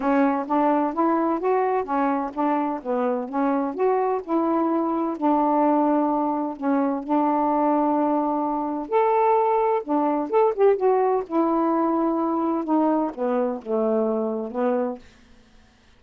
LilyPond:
\new Staff \with { instrumentName = "saxophone" } { \time 4/4 \tempo 4 = 128 cis'4 d'4 e'4 fis'4 | cis'4 d'4 b4 cis'4 | fis'4 e'2 d'4~ | d'2 cis'4 d'4~ |
d'2. a'4~ | a'4 d'4 a'8 g'8 fis'4 | e'2. dis'4 | b4 a2 b4 | }